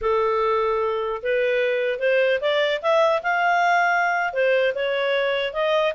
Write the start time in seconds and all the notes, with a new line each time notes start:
0.01 A4
1.22 B4
1.99 C5
2.41 D5
2.82 E5
3.22 F5
4.33 C5
4.75 C#5
5.53 D#5